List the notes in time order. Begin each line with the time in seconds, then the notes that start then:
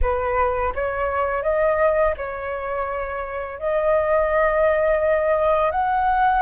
0.01 B4
0.74 C#5
1.43 D#5
2.17 C#5
3.59 D#5
5.71 F#5